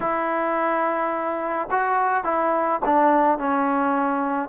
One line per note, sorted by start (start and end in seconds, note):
0.00 1.69 E4
1.71 2.24 F#4
2.24 2.80 E4
2.85 3.38 D4
3.38 4.49 C#4